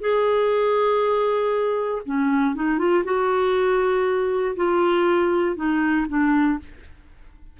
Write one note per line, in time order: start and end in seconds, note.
0.00 2.02 G#4
2.05 2.55 C#4
2.55 2.78 D#4
2.78 3.03 F4
3.04 4.55 F#4
4.56 5.56 F4
5.56 6.06 D#4
6.08 6.59 D4